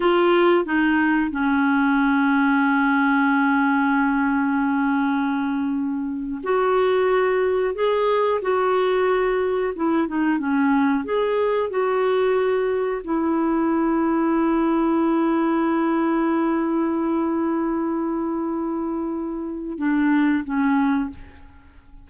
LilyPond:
\new Staff \with { instrumentName = "clarinet" } { \time 4/4 \tempo 4 = 91 f'4 dis'4 cis'2~ | cis'1~ | cis'4.~ cis'16 fis'2 gis'16~ | gis'8. fis'2 e'8 dis'8 cis'16~ |
cis'8. gis'4 fis'2 e'16~ | e'1~ | e'1~ | e'2 d'4 cis'4 | }